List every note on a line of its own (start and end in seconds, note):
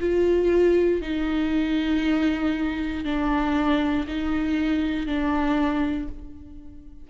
0.00 1.02 F4
1.02 3.05 D#4
3.05 4.07 D4
4.08 5.07 D#4
5.07 6.09 D4